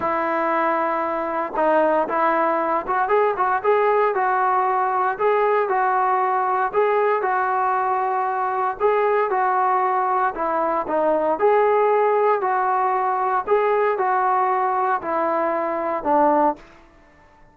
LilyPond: \new Staff \with { instrumentName = "trombone" } { \time 4/4 \tempo 4 = 116 e'2. dis'4 | e'4. fis'8 gis'8 fis'8 gis'4 | fis'2 gis'4 fis'4~ | fis'4 gis'4 fis'2~ |
fis'4 gis'4 fis'2 | e'4 dis'4 gis'2 | fis'2 gis'4 fis'4~ | fis'4 e'2 d'4 | }